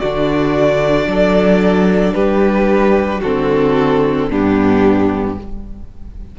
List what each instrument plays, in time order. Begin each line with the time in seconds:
0.00 cello D3, viola D4, violin F#4 D5
1.07 cello F#3, violin A4
2.14 cello G3, violin G4 B4
3.21 cello D3, viola C4, violin F#4 A4
4.29 cello G2, viola B3, violin D4 G4